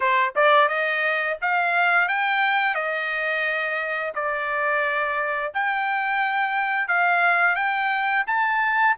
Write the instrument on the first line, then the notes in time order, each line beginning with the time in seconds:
trumpet
0.00 C5
0.35 D5
0.68 D#5
1.41 F5
2.08 G5
2.74 D#5
4.14 D5
5.53 G5
6.88 F5
7.55 G5
8.26 A5